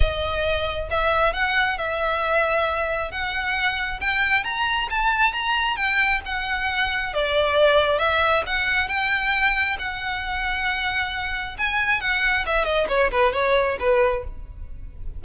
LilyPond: \new Staff \with { instrumentName = "violin" } { \time 4/4 \tempo 4 = 135 dis''2 e''4 fis''4 | e''2. fis''4~ | fis''4 g''4 ais''4 a''4 | ais''4 g''4 fis''2 |
d''2 e''4 fis''4 | g''2 fis''2~ | fis''2 gis''4 fis''4 | e''8 dis''8 cis''8 b'8 cis''4 b'4 | }